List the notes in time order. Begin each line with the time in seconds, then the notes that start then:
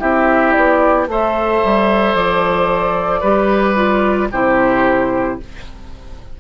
0.00 C4 E4 G4 E5
0.52 B3 D5
1.08 A3 A4 C5 E5
1.65 G3
2.15 F3 D5
3.21 G3 G4 B4
3.76 F4
4.32 C3 E4 G4 C5